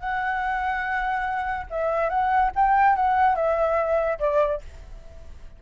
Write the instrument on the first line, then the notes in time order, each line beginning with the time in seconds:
flute
0.00 F#5
1.70 E5
2.09 F#5
2.55 G5
2.96 F#5
3.35 E5
4.19 D5